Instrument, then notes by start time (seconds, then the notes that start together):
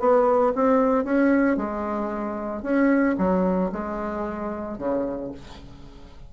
bassoon
0.00 B3
0.56 C4
1.05 C#4
1.57 G#3
2.63 C#4
3.19 F#3
3.73 G#3
4.79 C#3